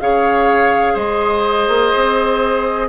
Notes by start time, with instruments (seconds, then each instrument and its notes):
0.00 bassoon C#3, clarinet G#4, oboe C#5, flute F5
0.93 bassoon G#3, oboe C5, flute D#5
1.68 bassoon A#3
1.95 bassoon C4